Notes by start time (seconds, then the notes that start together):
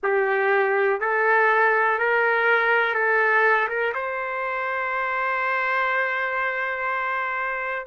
0.03 G4
1.00 A4
1.99 A#4
2.94 A4
3.68 A#4
3.94 C5